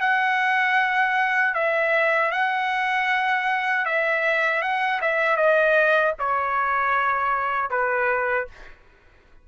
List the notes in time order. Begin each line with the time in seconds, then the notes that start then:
0.00 F#5
1.54 E5
2.31 F#5
3.85 E5
4.62 F#5
5.01 E5
5.36 D#5
6.19 C#5
7.70 B4